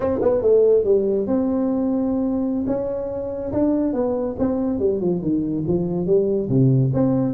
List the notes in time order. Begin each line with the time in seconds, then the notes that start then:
0.00 C4
0.21 B3
0.41 A3
0.84 G3
1.26 C4
2.67 C#4
3.52 D4
3.93 B3
4.38 C4
4.79 G3
5.00 F3
5.21 D#3
5.67 F3
6.06 G3
6.49 C3
6.93 C4